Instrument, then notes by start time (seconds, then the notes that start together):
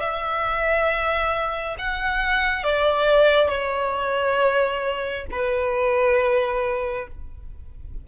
violin
0.00 E5
1.79 F#5
2.64 D5
3.49 C#5
5.31 B4